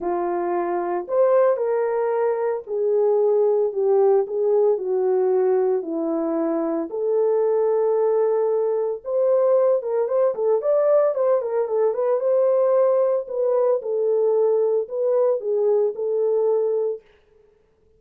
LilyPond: \new Staff \with { instrumentName = "horn" } { \time 4/4 \tempo 4 = 113 f'2 c''4 ais'4~ | ais'4 gis'2 g'4 | gis'4 fis'2 e'4~ | e'4 a'2.~ |
a'4 c''4. ais'8 c''8 a'8 | d''4 c''8 ais'8 a'8 b'8 c''4~ | c''4 b'4 a'2 | b'4 gis'4 a'2 | }